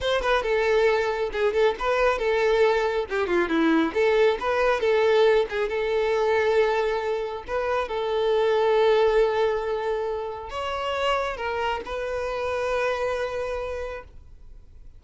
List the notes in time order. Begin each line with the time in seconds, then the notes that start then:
0.00 C5
0.21 B4
0.43 A4
1.32 G#4
1.53 A4
1.79 B4
2.18 A4
3.09 G4
3.26 F4
3.48 E4
3.94 A4
4.40 B4
4.80 A4
5.49 G#4
5.68 A4
7.47 B4
7.88 A4
10.49 C#5
11.36 A#4
11.85 B4